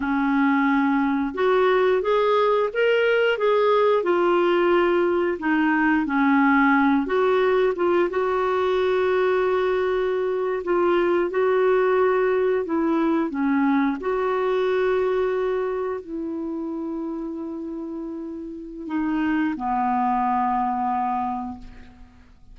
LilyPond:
\new Staff \with { instrumentName = "clarinet" } { \time 4/4 \tempo 4 = 89 cis'2 fis'4 gis'4 | ais'4 gis'4 f'2 | dis'4 cis'4. fis'4 f'8 | fis'2.~ fis'8. f'16~ |
f'8. fis'2 e'4 cis'16~ | cis'8. fis'2. e'16~ | e'1 | dis'4 b2. | }